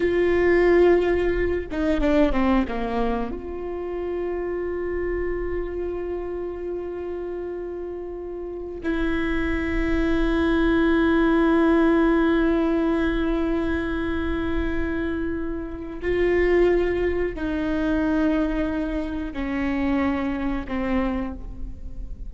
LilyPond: \new Staff \with { instrumentName = "viola" } { \time 4/4 \tempo 4 = 90 f'2~ f'8 dis'8 d'8 c'8 | ais4 f'2.~ | f'1~ | f'4~ f'16 e'2~ e'8.~ |
e'1~ | e'1 | f'2 dis'2~ | dis'4 cis'2 c'4 | }